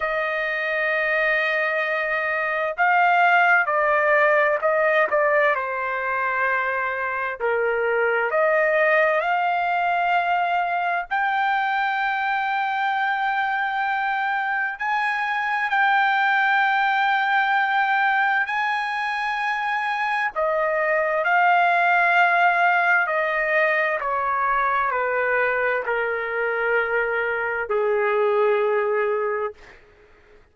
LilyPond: \new Staff \with { instrumentName = "trumpet" } { \time 4/4 \tempo 4 = 65 dis''2. f''4 | d''4 dis''8 d''8 c''2 | ais'4 dis''4 f''2 | g''1 |
gis''4 g''2. | gis''2 dis''4 f''4~ | f''4 dis''4 cis''4 b'4 | ais'2 gis'2 | }